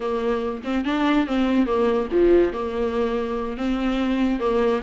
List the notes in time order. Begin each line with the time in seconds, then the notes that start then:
0.00 A#3
0.64 C4
0.84 D4
1.26 C4
1.66 A#3
2.11 F3
2.52 A#3
3.57 C4
4.39 A#3